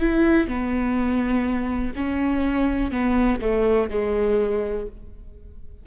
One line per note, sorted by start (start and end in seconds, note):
0.00 0.48 E4
0.48 1.93 B3
1.96 2.91 C#4
2.91 3.40 B3
3.41 3.90 A3
3.90 4.87 G#3